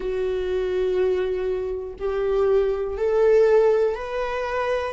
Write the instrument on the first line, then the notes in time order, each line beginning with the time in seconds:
viola
0.00 F#4
1.99 G4
2.97 A4
3.95 B4